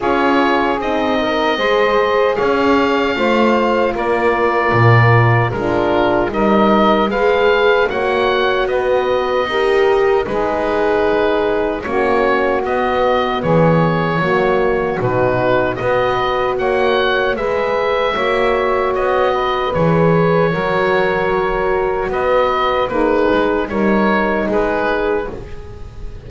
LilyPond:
<<
  \new Staff \with { instrumentName = "oboe" } { \time 4/4 \tempo 4 = 76 cis''4 dis''2 f''4~ | f''4 d''2 ais'4 | dis''4 f''4 fis''4 dis''4~ | dis''4 b'2 cis''4 |
dis''4 cis''2 b'4 | dis''4 fis''4 e''2 | dis''4 cis''2. | dis''4 b'4 cis''4 b'4 | }
  \new Staff \with { instrumentName = "saxophone" } { \time 4/4 gis'4. ais'8 c''4 cis''4 | c''4 ais'2 f'4 | ais'4 b'4 cis''4 b'4 | ais'4 gis'2 fis'4~ |
fis'4 gis'4 fis'2 | b'4 cis''4 b'4 cis''4~ | cis''8 b'4. ais'2 | b'4 dis'4 ais'4 gis'4 | }
  \new Staff \with { instrumentName = "horn" } { \time 4/4 f'4 dis'4 gis'2 | f'2. d'4 | dis'4 gis'4 fis'2 | g'4 dis'2 cis'4 |
b2 ais4 dis'4 | fis'2 gis'4 fis'4~ | fis'4 gis'4 fis'2~ | fis'4 gis'4 dis'2 | }
  \new Staff \with { instrumentName = "double bass" } { \time 4/4 cis'4 c'4 gis4 cis'4 | a4 ais4 ais,4 gis4 | g4 gis4 ais4 b4 | dis'4 gis2 ais4 |
b4 e4 fis4 b,4 | b4 ais4 gis4 ais4 | b4 e4 fis2 | b4 ais8 gis8 g4 gis4 | }
>>